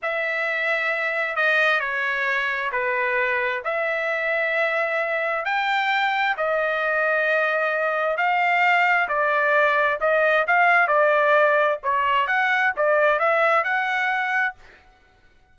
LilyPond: \new Staff \with { instrumentName = "trumpet" } { \time 4/4 \tempo 4 = 132 e''2. dis''4 | cis''2 b'2 | e''1 | g''2 dis''2~ |
dis''2 f''2 | d''2 dis''4 f''4 | d''2 cis''4 fis''4 | d''4 e''4 fis''2 | }